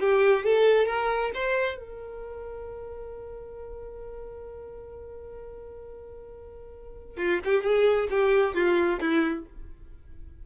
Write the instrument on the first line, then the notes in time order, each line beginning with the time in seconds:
violin
0.00 G4
0.44 A4
0.86 A#4
1.34 C5
1.77 A#4
7.17 F4
7.45 G4
7.63 G#4
8.10 G4
8.55 F4
9.00 E4